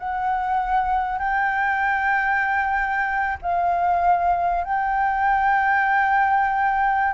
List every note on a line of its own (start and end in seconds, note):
0.00 1.19 F#5
1.19 3.38 G5
3.42 4.64 F5
4.64 7.14 G5